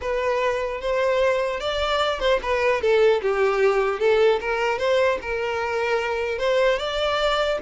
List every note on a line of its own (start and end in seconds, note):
0.01 0.80 B4
0.80 1.60 C5
1.60 2.19 D5
2.19 2.39 C5
2.42 2.81 B4
2.81 3.21 A4
3.21 3.99 G4
3.99 4.39 A4
4.40 4.78 A#4
4.78 5.18 C5
5.21 6.38 A#4
6.38 6.78 C5
6.78 7.58 D5